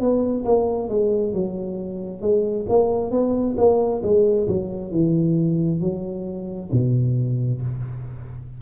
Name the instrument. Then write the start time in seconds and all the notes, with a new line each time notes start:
tuba
0.00 B3
0.45 A#3
0.89 G#3
1.34 F#3
2.21 G#3
2.69 A#3
3.11 B3
3.57 A#3
4.03 G#3
4.48 F#3
4.91 E3
5.81 F#3
6.72 B2